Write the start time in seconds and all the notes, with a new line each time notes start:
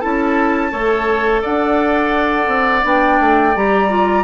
0.00 C#4 E4 A4 A5
0.70 A3 A4 C#5
1.42 D4 D5 F#5
2.47 C4
2.82 B3 D4 G5
3.20 A3
3.55 G3 G4 A#5
3.89 F4